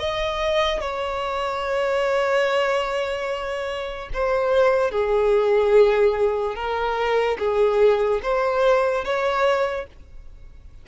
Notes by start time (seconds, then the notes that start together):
0.00 D#5
0.81 C#5
4.14 C5
4.91 G#4
6.56 A#4
7.39 G#4
8.23 C5
9.05 C#5